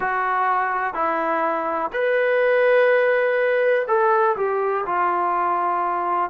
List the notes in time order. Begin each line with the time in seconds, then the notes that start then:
0.00 F#4
0.94 E4
1.92 B4
3.87 A4
4.36 G4
4.86 F4